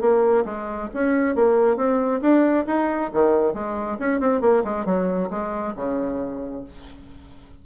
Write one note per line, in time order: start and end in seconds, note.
0.00 0.44 A#3
0.45 0.89 G#3
0.93 1.35 C#4
1.35 1.76 A#3
1.76 2.20 C4
2.21 2.65 D4
2.66 3.10 D#4
3.13 3.54 D#3
3.54 3.98 G#3
3.99 4.20 C#4
4.20 4.41 C4
4.41 4.63 A#3
4.64 4.85 G#3
4.85 5.29 F#3
5.30 5.74 G#3
5.75 6.64 C#3